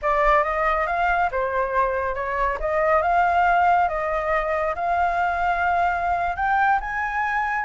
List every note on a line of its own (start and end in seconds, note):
0.02 0.43 D5
0.43 0.86 D#5
0.87 1.30 F5
1.31 2.14 C5
2.14 2.58 C#5
2.60 3.02 D#5
3.02 3.88 F5
3.88 4.74 D#5
4.75 6.36 F5
6.36 6.79 G5
6.80 7.65 G#5